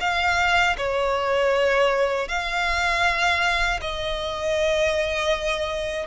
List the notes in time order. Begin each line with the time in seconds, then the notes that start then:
0.00 F5
0.77 C#5
2.28 F5
3.81 D#5